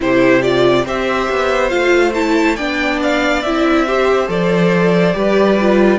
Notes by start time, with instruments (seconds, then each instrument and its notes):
0.00 cello C3, viola E4, violin G4 C5
0.42 viola F4, violin D5
0.85 cello C4, viola G4, violin C5 E5
1.29 cello B3
1.69 cello A3, viola F4, violin F5
2.14 viola E4, violin A5
2.56 cello B3, viola D4, violin D5 G5
3.02 violin F5
3.42 cello C4, viola E4, violin E5
3.86 viola G4, violin C5
4.27 cello F3, viola A4, violin D5
5.12 cello G3, viola G4, violin B4
5.60 viola F4